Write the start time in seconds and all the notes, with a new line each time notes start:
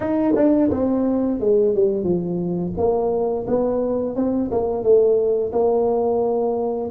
0.00 D#4
0.36 D4
0.71 C4
1.40 G#3
1.74 G3
2.03 F3
2.77 A#3
3.47 B3
4.15 C4
4.51 A#3
4.83 A3
5.52 A#3